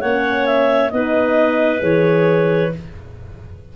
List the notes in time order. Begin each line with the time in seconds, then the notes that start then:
0.00 A#3 C#4 C#5 F#5
0.46 E5
0.90 B3 D#4 B4 D#5
1.80 E3 G#4 C#5